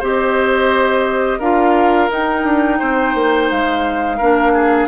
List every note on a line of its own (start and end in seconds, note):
0.00 1.40 C4
0.00 1.42 G4
0.00 1.39 C5
0.00 1.40 D#5
1.39 2.09 D4
1.39 2.10 F4
1.39 2.79 A#4
1.39 2.10 F5
2.10 4.19 D#4
2.10 2.44 D#4
2.10 3.51 G5
2.44 2.79 D4
2.79 3.15 C4
2.79 4.18 C5
3.15 3.50 A#3
3.51 4.20 G#3
3.51 4.88 F5
4.18 4.88 A#3
4.18 4.88 D4
4.18 4.52 A#4
4.54 4.88 G#4